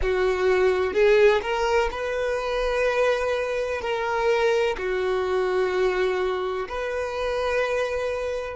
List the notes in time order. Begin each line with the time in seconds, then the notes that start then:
0.02 F#4
0.93 G#4
1.42 A#4
1.90 B4
3.81 A#4
4.77 F#4
6.68 B4